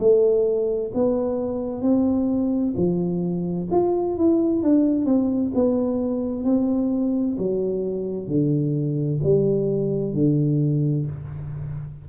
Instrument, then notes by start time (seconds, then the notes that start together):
tuba
0.00 A3
0.95 B3
1.82 C4
2.77 F3
3.72 F4
4.18 E4
4.63 D4
5.06 C4
5.55 B3
6.44 C4
7.38 F#3
8.28 D3
9.24 G3
10.15 D3